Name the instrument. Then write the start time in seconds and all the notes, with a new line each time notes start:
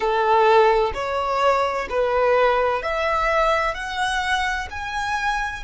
violin
0.00 A4
0.94 C#5
1.89 B4
2.82 E5
3.74 F#5
4.70 G#5